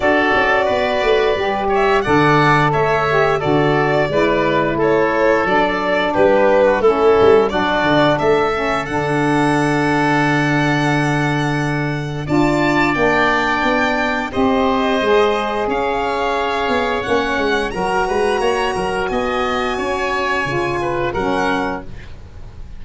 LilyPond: <<
  \new Staff \with { instrumentName = "violin" } { \time 4/4 \tempo 4 = 88 d''2~ d''8 e''8 fis''4 | e''4 d''2 cis''4 | d''4 b'4 a'4 d''4 | e''4 fis''2.~ |
fis''2 a''4 g''4~ | g''4 dis''2 f''4~ | f''4 fis''4 ais''2 | gis''2. fis''4 | }
  \new Staff \with { instrumentName = "oboe" } { \time 4/4 a'4 b'4. cis''8 d''4 | cis''4 a'4 b'4 a'4~ | a'4 g'8. fis'16 e'4 fis'4 | a'1~ |
a'2 d''2~ | d''4 c''2 cis''4~ | cis''2 ais'8 b'8 cis''8 ais'8 | dis''4 cis''4. b'8 ais'4 | }
  \new Staff \with { instrumentName = "saxophone" } { \time 4/4 fis'2 g'4 a'4~ | a'8 g'8 fis'4 e'2 | d'2 cis'4 d'4~ | d'8 cis'8 d'2.~ |
d'2 f'4 d'4~ | d'4 g'4 gis'2~ | gis'4 cis'4 fis'2~ | fis'2 f'4 cis'4 | }
  \new Staff \with { instrumentName = "tuba" } { \time 4/4 d'8 cis'8 b8 a8 g4 d4 | a4 d4 gis4 a4 | fis4 g4 a8 g8 fis8 d8 | a4 d2.~ |
d2 d'4 ais4 | b4 c'4 gis4 cis'4~ | cis'8 b8 ais8 gis8 fis8 gis8 ais8 fis8 | b4 cis'4 cis4 fis4 | }
>>